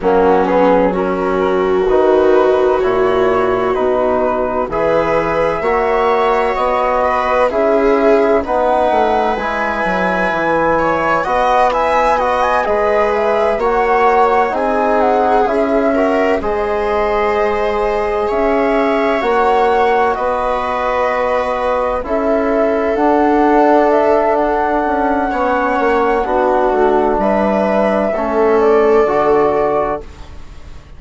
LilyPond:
<<
  \new Staff \with { instrumentName = "flute" } { \time 4/4 \tempo 4 = 64 fis'8 gis'8 ais'4 b'4 cis''4 | b'4 e''2 dis''4 | e''4 fis''4 gis''2 | fis''8 gis''8 fis''16 gis''16 dis''8 e''8 fis''4 gis''8 |
fis''8 e''4 dis''2 e''8~ | e''8 fis''4 dis''2 e''8~ | e''8 fis''4 e''8 fis''2~ | fis''4 e''4. d''4. | }
  \new Staff \with { instrumentName = "viola" } { \time 4/4 cis'4 fis'2.~ | fis'4 b'4 cis''4. b'8 | gis'4 b'2~ b'8 cis''8 | dis''8 e''8 dis''8 b'4 cis''4 gis'8~ |
gis'4 ais'8 c''2 cis''8~ | cis''4. b'2 a'8~ | a'2. cis''4 | fis'4 b'4 a'2 | }
  \new Staff \with { instrumentName = "trombone" } { \time 4/4 ais8 b8 cis'4 dis'4 e'4 | dis'4 gis'4 fis'2 | e'4 dis'4 e'2 | fis'8 e'8 fis'8 gis'4 fis'4 dis'8~ |
dis'8 e'8 fis'8 gis'2~ gis'8~ | gis'8 fis'2. e'8~ | e'8 d'2~ d'8 cis'4 | d'2 cis'4 fis'4 | }
  \new Staff \with { instrumentName = "bassoon" } { \time 4/4 fis2 dis4 ais,4 | b,4 e4 ais4 b4 | cis'4 b8 a8 gis8 fis8 e4 | b4. gis4 ais4 c'8~ |
c'8 cis'4 gis2 cis'8~ | cis'8 ais4 b2 cis'8~ | cis'8 d'2 cis'8 b8 ais8 | b8 a8 g4 a4 d4 | }
>>